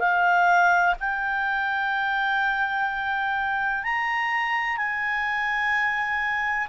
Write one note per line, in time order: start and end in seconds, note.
0.00 0.95 F5
1.00 3.84 G5
3.84 4.77 A#5
4.77 6.68 G#5